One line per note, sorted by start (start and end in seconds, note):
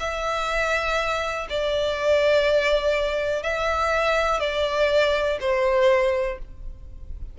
0.00 1.48 E5
1.50 3.43 D5
3.43 4.41 E5
4.41 5.39 D5
5.41 6.39 C5